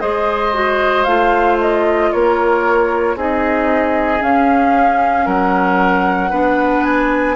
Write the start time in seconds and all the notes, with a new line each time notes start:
0.00 G#3 G#4 C5 D#5
0.54 F#4
1.04 A3 F4 F5
1.61 D#5
2.12 A#3 A#4 C#5
3.16 C4 D#4 G#4 D#5
4.20 C#4 F5
5.26 F#3 A#4 F#5
6.30 B3 D4 B4
6.84 G#5